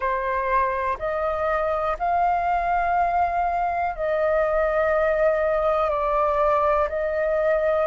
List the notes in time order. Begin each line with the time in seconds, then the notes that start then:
0.00 C5
0.98 D#5
1.99 F5
3.95 D#5
5.90 D5
6.89 D#5